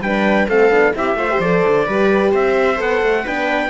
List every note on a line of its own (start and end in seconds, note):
0.00 0.46 G3
0.00 0.49 D4
0.00 0.48 B4
0.00 0.48 G5
0.48 0.69 A3
0.48 0.70 C4
0.48 0.94 A4
0.48 0.95 F5
0.69 0.92 B3
0.69 0.93 D4
0.93 1.14 C4
0.93 1.16 E4
0.93 1.18 G4
0.93 1.40 E5
1.14 1.37 A3
1.14 1.28 F4
1.14 1.86 C5
1.30 1.41 G4
1.39 1.62 F3
1.39 1.87 A4
1.39 2.33 D5
1.67 1.88 D3
1.86 2.33 G3
1.86 2.76 G4
1.86 2.32 B4
2.32 2.80 C4
2.32 3.23 C5
2.32 2.81 E5
2.76 3.02 B3
2.76 3.23 A4
2.76 3.27 F#5
3.02 3.25 A3
3.23 3.69 B3
3.23 3.69 D4
3.23 3.69 B4
3.23 3.69 G5